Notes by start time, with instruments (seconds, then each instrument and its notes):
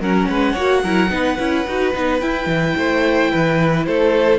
0.00 cello F#3, viola C#4, violin A#4 F#5
0.28 cello G#3, violin B4
0.53 cello A#3, viola F#4, violin C#5
0.83 cello F#3, viola E4, violin A#4
1.09 cello B3, viola D#4, violin B4
1.38 cello C#4, viola E4
1.67 cello D#4, viola F#4
1.93 cello B3, viola D#4
2.19 viola E4, cello E4, violin G5
2.46 cello E3
2.77 cello A3, violin C5
3.31 cello E3, violin B4
3.85 cello A3, violin A4 C5